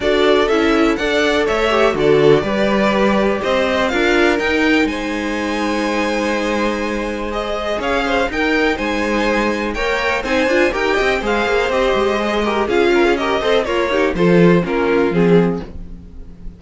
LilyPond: <<
  \new Staff \with { instrumentName = "violin" } { \time 4/4 \tempo 4 = 123 d''4 e''4 fis''4 e''4 | d''2. dis''4 | f''4 g''4 gis''2~ | gis''2. dis''4 |
f''4 g''4 gis''2 | g''4 gis''4 g''4 f''4 | dis''2 f''4 dis''4 | cis''4 c''4 ais'4 gis'4 | }
  \new Staff \with { instrumentName = "violin" } { \time 4/4 a'2 d''4 cis''4 | a'4 b'2 c''4 | ais'2 c''2~ | c''1 |
cis''8 c''8 ais'4 c''2 | cis''4 c''4 ais'8 dis''8 c''4~ | c''4. ais'8 gis'8 ais'16 gis'16 ais'8 c''8 | f'8 g'8 a'4 f'2 | }
  \new Staff \with { instrumentName = "viola" } { \time 4/4 fis'4 e'4 a'4. g'8 | fis'4 g'2. | f'4 dis'2.~ | dis'2. gis'4~ |
gis'4 dis'2. | ais'4 dis'8 f'8 g'4 gis'4 | g'4 gis'8 g'8 f'4 g'8 a'8 | ais'8 dis'8 f'4 cis'4 c'4 | }
  \new Staff \with { instrumentName = "cello" } { \time 4/4 d'4 cis'4 d'4 a4 | d4 g2 c'4 | d'4 dis'4 gis2~ | gis1 |
cis'4 dis'4 gis2 | ais4 c'8 d'8 dis'8 c'8 gis8 ais8 | c'8 gis4. cis'4. c'8 | ais4 f4 ais4 f4 | }
>>